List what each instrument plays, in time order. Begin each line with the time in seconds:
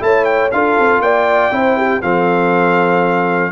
0.00 tuba A3, trombone E4, horn C#5, trumpet A5
0.24 trumpet G5
0.51 tuba D4, trombone F4, horn A4, trumpet F5
0.78 tuba C4
0.99 tuba A#3, horn D5, trumpet G5
1.51 tuba C4, trombone E4, horn C5
1.77 horn G4
2.02 tuba F3, trombone C4, horn A4, trumpet F5